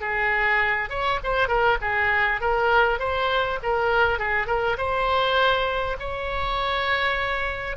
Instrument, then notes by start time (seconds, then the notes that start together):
oboe
0.00 G#4
0.89 C#5
1.23 C5
1.47 A#4
1.81 G#4
2.40 A#4
2.99 C5
3.63 A#4
4.18 G#4
4.47 A#4
4.77 C5
5.99 C#5